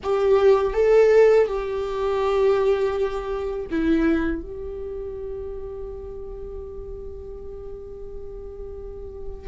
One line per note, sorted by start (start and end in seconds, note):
0.03 0.73 G4
0.73 1.46 A4
1.46 3.66 G4
3.70 4.41 E4
4.41 9.48 G4